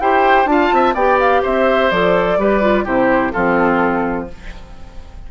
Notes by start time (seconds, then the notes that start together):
0.00 E4 G4 C5 G5
0.46 D4 F4 F5 A5
0.73 C4 E5
0.94 B3 G4 D5 G5
1.20 F5
1.42 C4 C5 E5
1.91 F3 A4 D5
2.38 G3 G4 B4
2.62 F4
2.85 C3 E4 G4 C5
3.32 F3 C4 F4 A4